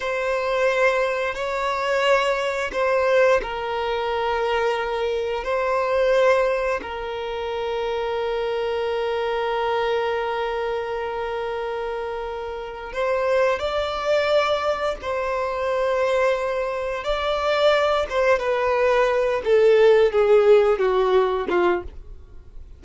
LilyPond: \new Staff \with { instrumentName = "violin" } { \time 4/4 \tempo 4 = 88 c''2 cis''2 | c''4 ais'2. | c''2 ais'2~ | ais'1~ |
ais'2. c''4 | d''2 c''2~ | c''4 d''4. c''8 b'4~ | b'8 a'4 gis'4 fis'4 f'8 | }